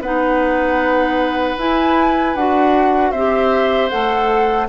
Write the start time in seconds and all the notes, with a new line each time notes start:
0.00 B3 D#4 B4 F#5
1.58 E4 G#5
2.35 D4 F#4 F#5
3.11 C4 G4 C5 E5
3.90 A3 A4 F#5